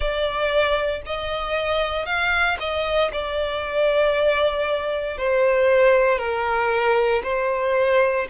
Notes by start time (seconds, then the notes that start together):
0.00 D5
1.06 D#5
2.05 F5
2.59 D#5
3.12 D5
5.17 C5
6.18 A#4
7.23 C5